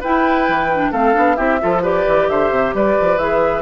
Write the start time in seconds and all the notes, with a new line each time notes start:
0.00 E4 B4 G5
0.48 E3
0.73 D4
0.91 A3 C4 A4 F5
1.13 B3 D4
1.35 C4 E4 G4 E5
1.60 F3 F4 A4
1.82 G4 B4 D5
2.06 E3
2.29 D3 C5 E5
2.50 C3
2.74 G3 B4 D5
3.00 F3
3.17 E3 G#4 E5